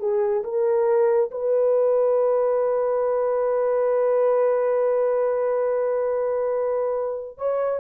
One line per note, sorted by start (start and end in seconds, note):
0.00 0.43 G#4
0.44 1.31 A#4
1.31 7.38 B4
7.38 7.81 C#5